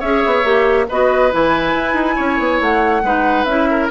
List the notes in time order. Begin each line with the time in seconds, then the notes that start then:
0.00 C#4 G#4 C#5 E5
0.26 B3
0.44 A#3 G4
0.89 B3 F#4 B4 D#5
1.32 E3 E4 G#5
1.74 E4
1.94 D#4
2.16 C#4 C#5
2.39 B3
2.61 A3 F#5
3.03 G#3 D#4 B4
3.45 C#4 E4 E5
3.70 A#4